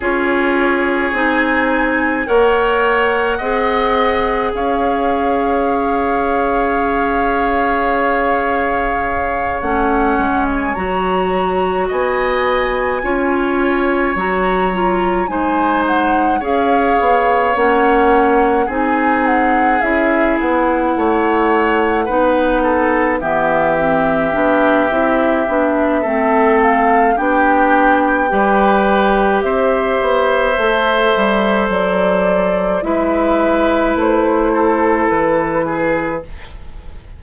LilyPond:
<<
  \new Staff \with { instrumentName = "flute" } { \time 4/4 \tempo 4 = 53 cis''4 gis''4 fis''2 | f''1~ | f''8 fis''8. gis''16 ais''4 gis''4.~ | gis''8 ais''4 gis''8 fis''8 f''4 fis''8~ |
fis''8 gis''8 fis''8 e''8 fis''2~ | fis''8 e''2. f''8 | g''2 e''2 | d''4 e''4 c''4 b'4 | }
  \new Staff \with { instrumentName = "oboe" } { \time 4/4 gis'2 cis''4 dis''4 | cis''1~ | cis''2~ cis''8 dis''4 cis''8~ | cis''4. c''4 cis''4.~ |
cis''8 gis'2 cis''4 b'8 | a'8 g'2~ g'8 a'4 | g'4 b'4 c''2~ | c''4 b'4. a'4 gis'8 | }
  \new Staff \with { instrumentName = "clarinet" } { \time 4/4 f'4 dis'4 ais'4 gis'4~ | gis'1~ | gis'8 cis'4 fis'2 f'8~ | f'8 fis'8 f'8 dis'4 gis'4 cis'8~ |
cis'8 dis'4 e'2 dis'8~ | dis'8 b8 c'8 d'8 e'8 d'8 c'4 | d'4 g'2 a'4~ | a'4 e'2. | }
  \new Staff \with { instrumentName = "bassoon" } { \time 4/4 cis'4 c'4 ais4 c'4 | cis'1~ | cis'8 a8 gis8 fis4 b4 cis'8~ | cis'8 fis4 gis4 cis'8 b8 ais8~ |
ais8 c'4 cis'8 b8 a4 b8~ | b8 e4 b8 c'8 b8 a4 | b4 g4 c'8 b8 a8 g8 | fis4 gis4 a4 e4 | }
>>